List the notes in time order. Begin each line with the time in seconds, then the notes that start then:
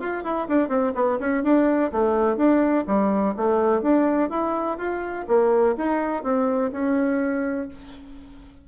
0.00 F4
0.24 E4
0.48 D4
0.69 C4
0.95 B3
1.20 C#4
1.44 D4
1.92 A3
2.37 D4
2.88 G3
3.37 A3
3.82 D4
4.30 E4
4.78 F4
5.28 A#3
5.78 D#4
6.24 C4
6.73 C#4